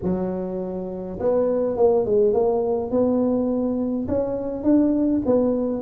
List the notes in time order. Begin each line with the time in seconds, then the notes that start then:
0.02 F#3
1.19 B3
1.76 A#3
2.05 G#3
2.33 A#3
2.90 B3
4.08 C#4
4.63 D4
5.25 B3